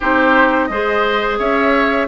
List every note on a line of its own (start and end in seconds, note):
0.00 0.69 C4
0.00 0.70 D#4
0.00 0.68 G4
0.00 0.66 C5
0.66 1.39 G#3
0.66 2.07 G#4
0.66 1.38 C5
0.66 1.35 D#5
1.38 2.07 C#4
1.38 2.07 C#5
1.38 2.07 E5